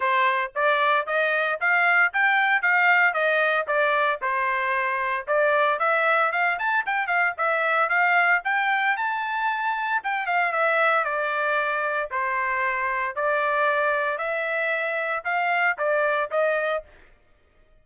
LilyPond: \new Staff \with { instrumentName = "trumpet" } { \time 4/4 \tempo 4 = 114 c''4 d''4 dis''4 f''4 | g''4 f''4 dis''4 d''4 | c''2 d''4 e''4 | f''8 a''8 g''8 f''8 e''4 f''4 |
g''4 a''2 g''8 f''8 | e''4 d''2 c''4~ | c''4 d''2 e''4~ | e''4 f''4 d''4 dis''4 | }